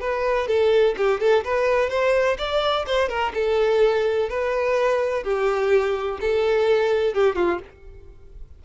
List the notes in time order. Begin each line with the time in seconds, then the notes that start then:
0.00 B4
0.47 A4
0.97 G4
1.20 A4
1.44 B4
1.89 C5
2.38 D5
2.86 C5
3.08 A#4
3.34 A4
4.29 B4
5.23 G4
6.20 A4
7.14 G4
7.35 F4